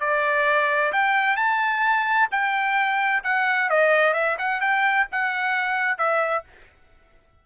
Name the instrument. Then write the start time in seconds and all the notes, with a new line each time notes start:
trumpet
0.00 D5
0.93 G5
1.37 A5
2.31 G5
3.24 F#5
3.70 D#5
4.14 E5
4.38 F#5
4.61 G5
5.12 F#5
5.98 E5